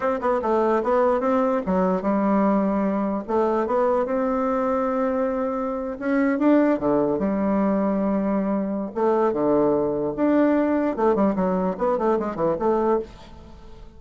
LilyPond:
\new Staff \with { instrumentName = "bassoon" } { \time 4/4 \tempo 4 = 148 c'8 b8 a4 b4 c'4 | fis4 g2. | a4 b4 c'2~ | c'2~ c'8. cis'4 d'16~ |
d'8. d4 g2~ g16~ | g2 a4 d4~ | d4 d'2 a8 g8 | fis4 b8 a8 gis8 e8 a4 | }